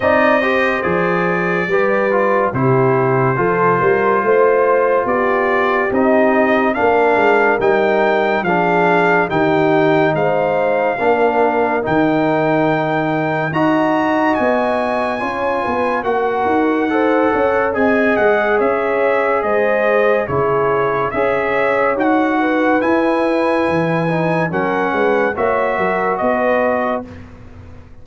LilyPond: <<
  \new Staff \with { instrumentName = "trumpet" } { \time 4/4 \tempo 4 = 71 dis''4 d''2 c''4~ | c''2 d''4 dis''4 | f''4 g''4 f''4 g''4 | f''2 g''2 |
ais''4 gis''2 fis''4~ | fis''4 gis''8 fis''8 e''4 dis''4 | cis''4 e''4 fis''4 gis''4~ | gis''4 fis''4 e''4 dis''4 | }
  \new Staff \with { instrumentName = "horn" } { \time 4/4 d''8 c''4. b'4 g'4 | a'8 ais'8 c''4 g'2 | ais'2 gis'4 g'4 | c''4 ais'2. |
dis''2 cis''8 b'8 ais'4 | c''8 cis''8 dis''4 cis''4 c''4 | gis'4 cis''4. b'4.~ | b'4 ais'8 b'8 cis''8 ais'8 b'4 | }
  \new Staff \with { instrumentName = "trombone" } { \time 4/4 dis'8 g'8 gis'4 g'8 f'8 e'4 | f'2. dis'4 | d'4 dis'4 d'4 dis'4~ | dis'4 d'4 dis'2 |
fis'2 f'4 fis'4 | a'4 gis'2. | e'4 gis'4 fis'4 e'4~ | e'8 dis'8 cis'4 fis'2 | }
  \new Staff \with { instrumentName = "tuba" } { \time 4/4 c'4 f4 g4 c4 | f8 g8 a4 b4 c'4 | ais8 gis8 g4 f4 dis4 | gis4 ais4 dis2 |
dis'4 b4 cis'8 b8 ais8 dis'8~ | dis'8 cis'8 c'8 gis8 cis'4 gis4 | cis4 cis'4 dis'4 e'4 | e4 fis8 gis8 ais8 fis8 b4 | }
>>